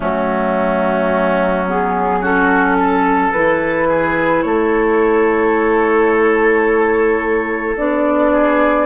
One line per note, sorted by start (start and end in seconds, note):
0.00 3.31 F#3
0.00 1.66 A3
0.00 2.19 C#4
0.00 1.68 F#4
1.67 2.22 B3
1.67 2.24 G#4
2.21 3.33 C#4
2.21 2.76 F#4
2.21 3.32 A4
2.79 3.88 A4
3.32 4.44 E3
3.32 7.77 E4
3.32 4.42 B4
3.88 4.44 G#4
4.42 7.77 A3
4.42 8.32 A4
4.42 7.75 C#5
7.76 8.86 B3
7.76 8.86 D4
7.76 8.86 D5
8.32 8.86 G#4